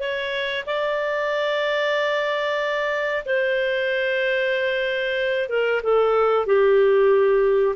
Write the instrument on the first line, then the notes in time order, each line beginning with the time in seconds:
clarinet
0.00 C#5
0.66 D5
3.26 C5
5.49 A#4
5.83 A4
6.46 G4